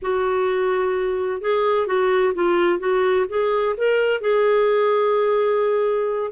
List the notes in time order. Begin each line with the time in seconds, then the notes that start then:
0.01 F#4
1.41 G#4
1.86 F#4
2.34 F4
2.79 F#4
3.28 G#4
3.77 A#4
4.20 G#4